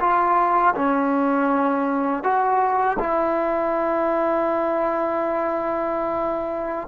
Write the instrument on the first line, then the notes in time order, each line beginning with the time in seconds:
trombone
0.00 F4
0.75 C#4
2.23 F#4
2.99 E4